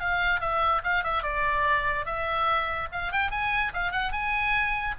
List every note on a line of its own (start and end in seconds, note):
0.00 0.40 F5
0.40 0.82 E5
0.84 1.04 F5
1.04 1.23 E5
1.23 2.06 D5
2.06 2.88 E5
2.92 3.12 F5
3.12 3.31 G5
3.31 3.72 G#5
3.74 3.92 F5
3.92 4.12 F#5
4.12 4.95 G#5